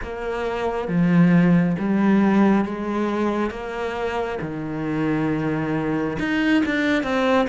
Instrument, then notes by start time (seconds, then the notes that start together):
cello
0.02 A#3
0.87 F3
1.78 G3
2.64 G#3
3.50 A#3
4.41 D#3
6.19 D#4
6.65 D4
7.03 C4